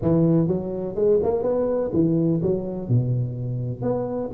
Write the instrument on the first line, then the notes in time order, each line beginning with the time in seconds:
tuba
0.02 E3
0.47 F#3
0.95 G#3
1.23 A#3
1.43 B3
1.93 E3
2.42 F#3
2.88 B2
3.81 B3